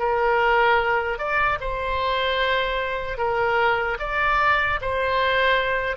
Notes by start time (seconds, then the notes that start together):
0.00 A#4
1.19 D5
1.61 C5
3.18 A#4
4.00 D5
4.81 C5